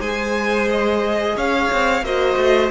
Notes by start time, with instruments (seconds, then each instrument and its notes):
0.00 cello G#3, viola G#4, violin C5 G#5
0.70 violin D#5
1.36 cello C#4, violin C#5 F5
1.71 cello C4
2.02 cello A#3, viola F#4, violin C5 D#5
2.36 cello A3